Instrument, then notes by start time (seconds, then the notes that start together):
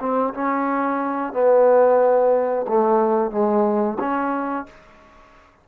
trombone
0.00 C4
0.34 C#4
1.33 B3
2.68 A3
3.31 G#3
3.99 C#4